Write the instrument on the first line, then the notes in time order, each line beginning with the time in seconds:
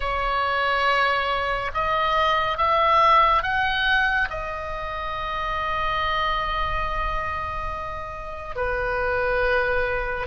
oboe
0.00 C#5
1.74 D#5
2.57 E5
3.42 F#5
4.30 D#5
8.55 B4